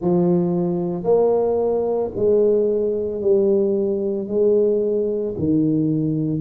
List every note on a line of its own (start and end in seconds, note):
0.00 1.03 F3
1.03 2.10 A#3
2.15 3.21 G#3
3.21 4.27 G3
4.27 5.34 G#3
5.38 6.41 D#3